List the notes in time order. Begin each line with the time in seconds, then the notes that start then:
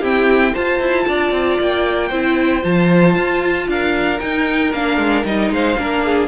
0.00 C4 E4 G4 G5
0.53 F4 C5 A5
0.80 E4
1.08 D4 D5
1.32 C4
1.60 A#3 G5
2.09 C4 E4 C5
2.62 F3 F4 A5
3.16 F4
3.68 D4 A#4 F5
4.19 D#4 G5
4.73 A#3 D4 F5
4.98 G#3
5.25 G3 D#4 D#5
5.51 G#3 C5 F5
5.78 A#3 D4 A#4
6.05 G#4